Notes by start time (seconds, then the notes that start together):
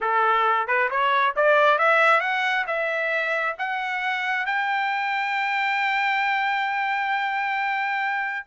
0.00 A4
0.67 B4
0.90 C#5
1.36 D5
1.78 E5
2.20 F#5
2.66 E5
3.58 F#5
4.46 G5